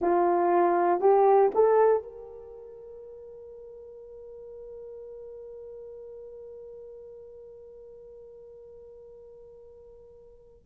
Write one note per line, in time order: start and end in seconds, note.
0.00 1.00 F4
1.00 1.51 G4
1.54 2.02 A4
2.02 10.65 A#4